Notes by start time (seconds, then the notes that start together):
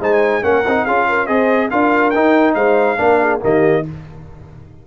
0.00 G#3 D#4 C5 G#5
0.42 A#3 C#4 A#4 F#5
0.67 C4 D#4
0.84 C#4 F4 G#4 F5
1.09 A#4
1.26 C4 G#4 C5 D#5
1.70 D4 F4 A#4 F5
2.10 D#4 G5
2.54 G#3 C5 F5
2.97 A#3 D4 A#4
3.21 G#4
3.40 D#3 A#3 G4 D#5